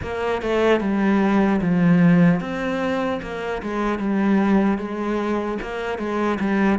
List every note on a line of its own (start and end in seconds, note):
0.01 0.41 A#3
0.41 0.80 A3
0.80 1.60 G3
1.61 2.40 F3
2.40 3.20 C4
3.22 3.62 A#3
3.62 3.98 G#3
3.98 4.77 G3
4.77 5.57 G#3
5.61 5.98 A#3
5.98 6.38 G#3
6.40 6.79 G3